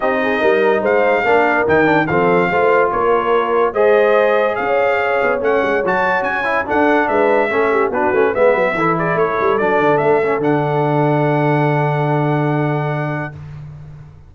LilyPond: <<
  \new Staff \with { instrumentName = "trumpet" } { \time 4/4 \tempo 4 = 144 dis''2 f''2 | g''4 f''2 cis''4~ | cis''4 dis''2 f''4~ | f''4 fis''4 a''4 gis''4 |
fis''4 e''2 b'4 | e''4. d''8 cis''4 d''4 | e''4 fis''2.~ | fis''1 | }
  \new Staff \with { instrumentName = "horn" } { \time 4/4 g'8 gis'8 ais'4 c''4 ais'4~ | ais'4 a'4 c''4 ais'4~ | ais'4 c''2 cis''4~ | cis''1 |
a'4 b'4 a'8 g'8 fis'4 | b'4 a'8 gis'8 a'2~ | a'1~ | a'1 | }
  \new Staff \with { instrumentName = "trombone" } { \time 4/4 dis'2. d'4 | dis'8 d'8 c'4 f'2~ | f'4 gis'2.~ | gis'4 cis'4 fis'4. e'8 |
d'2 cis'4 d'8 cis'8 | b4 e'2 d'4~ | d'8 cis'8 d'2.~ | d'1 | }
  \new Staff \with { instrumentName = "tuba" } { \time 4/4 c'4 g4 gis4 ais4 | dis4 f4 a4 ais4~ | ais4 gis2 cis'4~ | cis'8 b8 a8 gis8 fis4 cis'4 |
d'4 gis4 a4 b8 a8 | gis8 fis8 e4 a8 g8 fis8 d8 | a4 d2.~ | d1 | }
>>